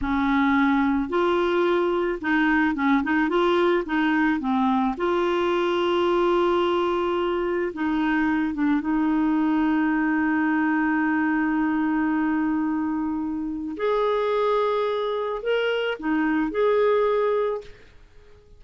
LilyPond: \new Staff \with { instrumentName = "clarinet" } { \time 4/4 \tempo 4 = 109 cis'2 f'2 | dis'4 cis'8 dis'8 f'4 dis'4 | c'4 f'2.~ | f'2 dis'4. d'8 |
dis'1~ | dis'1~ | dis'4 gis'2. | ais'4 dis'4 gis'2 | }